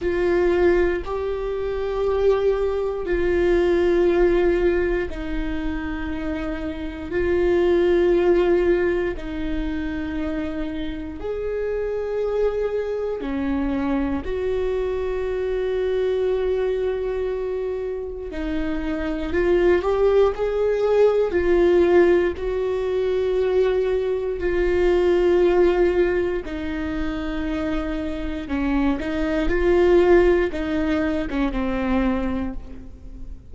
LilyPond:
\new Staff \with { instrumentName = "viola" } { \time 4/4 \tempo 4 = 59 f'4 g'2 f'4~ | f'4 dis'2 f'4~ | f'4 dis'2 gis'4~ | gis'4 cis'4 fis'2~ |
fis'2 dis'4 f'8 g'8 | gis'4 f'4 fis'2 | f'2 dis'2 | cis'8 dis'8 f'4 dis'8. cis'16 c'4 | }